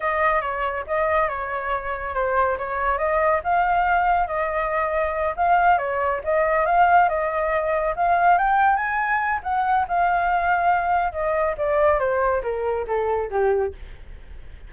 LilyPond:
\new Staff \with { instrumentName = "flute" } { \time 4/4 \tempo 4 = 140 dis''4 cis''4 dis''4 cis''4~ | cis''4 c''4 cis''4 dis''4 | f''2 dis''2~ | dis''8 f''4 cis''4 dis''4 f''8~ |
f''8 dis''2 f''4 g''8~ | g''8 gis''4. fis''4 f''4~ | f''2 dis''4 d''4 | c''4 ais'4 a'4 g'4 | }